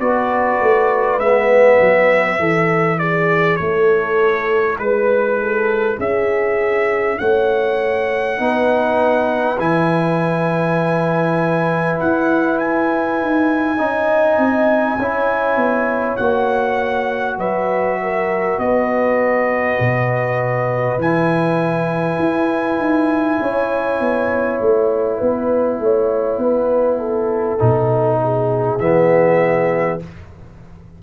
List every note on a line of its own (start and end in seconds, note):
0.00 0.60 B3
0.00 1.21 F#4
0.00 2.39 B4
0.00 1.20 D5
0.61 1.19 A3
1.19 1.79 G#3
1.19 2.40 B3
1.19 2.99 E5
1.80 2.40 F#3
2.39 3.60 E3
2.39 8.38 E4
2.39 2.99 A4
2.99 3.60 G#4
2.99 3.56 D5
3.56 4.79 A3
3.56 4.80 A4
3.56 4.76 C#5
4.79 5.99 G#3
4.79 5.99 B4
4.79 5.40 B4
5.41 5.98 A4
5.98 7.19 C#4
5.98 7.17 G#4
5.98 7.19 E5
7.19 8.39 A3
7.19 8.40 C#5
7.19 9.59 F#5
8.38 9.59 B3
8.38 9.58 D#4
8.38 13.78 B4
9.59 11.99 E3
9.59 13.78 E4
9.59 12.00 G#5
12.00 13.22 E4
12.00 12.59 F#5
12.59 16.17 G#5
13.22 13.80 D#4
13.78 14.38 C#4
13.78 14.98 D#4
13.78 14.98 D#5
14.38 14.97 C4
14.98 15.57 C#4
14.98 16.19 E4
14.98 17.39 C#5
15.57 16.17 B3
16.17 17.38 A#3
16.17 20.99 F#4
16.17 17.37 F#5
17.38 18.58 F#3
17.38 17.99 B4
17.38 18.59 E5
18.03 18.62 A#4
18.59 19.79 B3
18.59 23.42 B4
18.59 21.00 D#5
19.80 20.98 B2
20.98 22.18 E3
20.98 27.59 E4
20.98 24.61 G#5
22.19 22.79 E4
22.79 23.39 D#4
23.41 24.00 C#4
23.41 25.18 C#5
24.00 24.60 B3
24.61 25.21 A3
24.61 28.79 F#5
25.18 25.80 B3
25.18 25.78 B4
25.80 26.38 A3
25.80 26.41 C#5
26.38 27.58 B3
26.38 26.99 B4
26.99 28.19 A4
27.59 28.80 B2
27.59 28.80 D#4
28.23 30.03 G#4
28.79 30.00 E3
28.79 30.00 B3
28.79 29.99 E5